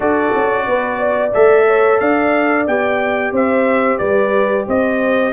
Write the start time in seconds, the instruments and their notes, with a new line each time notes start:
0.00 tuba D4, trombone F#4, horn A4, trumpet D5
0.34 tuba C#4
0.66 tuba B3, horn B4
0.98 horn D5
1.33 tuba A3, trombone A4, trumpet E5
1.66 horn C#5
1.99 tuba D4, horn D5, trumpet F5
2.67 tuba B3, trombone G4, trumpet G5
3.32 tuba C4, horn C5, trumpet E5
3.98 tuba G3, horn B4, trumpet D5
4.67 tuba C4, horn C5, trumpet D#5